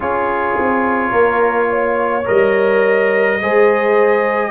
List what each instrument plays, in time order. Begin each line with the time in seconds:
0.00 tuba C#4, trombone F4, horn G#4, trumpet C#5
0.58 tuba C4
1.10 tuba A#3, horn A#4
1.69 horn C#5
2.25 tuba G3, trombone A#4, trumpet D#5
3.41 tuba G#3, trombone G#4, horn C5